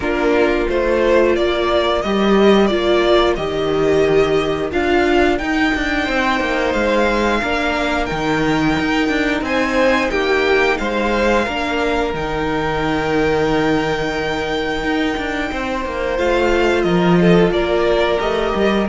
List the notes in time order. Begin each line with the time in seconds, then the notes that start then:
0.00 A#3 D4 F4 A#4
0.69 A3 F4 C5
1.34 A#3 A#4 D5
2.01 G3 G4 D#5
2.66 A#3 F4 D5
3.35 D#3 G4 D#5
4.71 D4 F4 F5
5.38 D#4 G5
5.74 D4
6.04 C4 C5
6.40 A#3
6.72 G#3 F5
7.42 A#3 D4 A#4
8.05 D#3 D#4 G5
8.79 D#4
9.09 D4
9.41 C4 C5 G#5
10.10 A#3 G4 G5
10.77 G#3 C5 F5
11.45 A#3 D4 A#4
12.13 D#3 D#4 G5
14.83 D#4
15.17 D4
15.51 C4 C5
15.85 A#3
16.17 A3 F4 F5
16.82 F3 A#4 D#5
17.20 A4
17.50 A#3 A#4 D5
18.19 A3 G4 D#5
18.54 G3